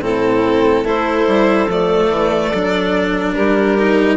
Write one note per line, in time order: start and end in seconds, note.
0.00 0.83 A2
0.00 0.84 C4
0.00 0.84 E4
0.00 0.87 A4
0.83 1.25 A3
0.83 1.68 E4
0.83 3.34 A4
0.83 1.70 C5
1.27 1.68 G3
1.68 2.09 F3
1.68 2.53 A3
1.68 3.34 D5
2.09 2.51 E3
2.53 3.37 F#3
2.53 3.78 D4
3.34 4.17 G3
3.34 4.17 G4
3.34 4.17 A#4
3.78 4.17 D#4